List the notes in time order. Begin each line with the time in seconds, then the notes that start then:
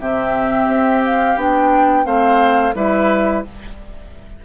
0.00 C3 C4 G4 E5
0.68 C4
1.04 F5
1.36 B3 D4 G5
2.04 A3 C4 C5 F5
2.75 G3 E4 B4 E5